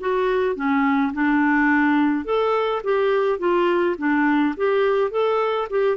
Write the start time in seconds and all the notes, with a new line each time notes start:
0.00 F#4
0.55 C#4
1.13 D4
2.25 A4
2.83 G4
3.39 F4
3.98 D4
4.57 G4
5.10 A4
5.70 G4